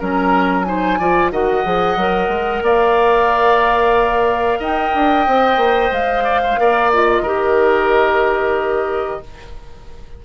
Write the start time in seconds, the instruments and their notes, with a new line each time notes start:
0.00 bassoon F#3, clarinet C#4, oboe A#4, flute A#5
0.64 clarinet D#4, oboe C5, flute G#5
0.99 bassoon F3, clarinet F4, oboe D5
1.31 bassoon D#3, clarinet F#4, oboe D#5, flute F#5
1.65 bassoon F3, clarinet G#4
1.97 bassoon F#3, clarinet A#4
2.29 bassoon G#3
2.62 bassoon A#3, oboe D5, flute F5
4.60 bassoon D#4, oboe D#5, flute G5
4.95 bassoon D4
5.27 bassoon C4, clarinet C5
5.57 bassoon A#3
5.91 bassoon G#3, flute F5
6.24 oboe D5
6.43 oboe C5
6.57 bassoon A#3, clarinet A#4, oboe D5
6.93 clarinet F4, flute D#5
7.22 bassoon D#3, clarinet G4, oboe A#4